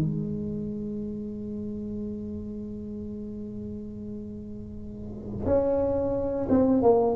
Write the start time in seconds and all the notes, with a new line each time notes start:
0.00 G#3
5.45 C#4
6.49 C4
6.82 A#3